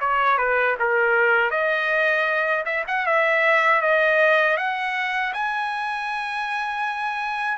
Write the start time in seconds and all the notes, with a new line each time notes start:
0.00 C#5
0.38 B4
0.79 A#4
1.50 D#5
2.65 E5
2.87 F#5
3.06 E5
3.81 D#5
4.57 F#5
5.33 G#5